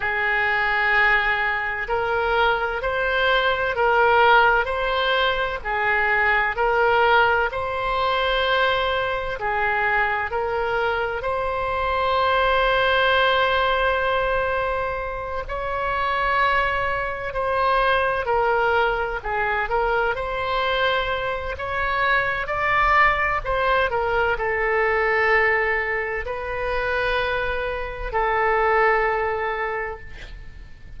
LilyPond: \new Staff \with { instrumentName = "oboe" } { \time 4/4 \tempo 4 = 64 gis'2 ais'4 c''4 | ais'4 c''4 gis'4 ais'4 | c''2 gis'4 ais'4 | c''1~ |
c''8 cis''2 c''4 ais'8~ | ais'8 gis'8 ais'8 c''4. cis''4 | d''4 c''8 ais'8 a'2 | b'2 a'2 | }